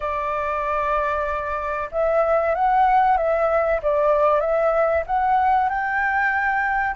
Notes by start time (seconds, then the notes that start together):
0.00 D5
1.91 E5
2.54 F#5
3.17 E5
3.82 D5
4.40 E5
5.06 F#5
5.69 G5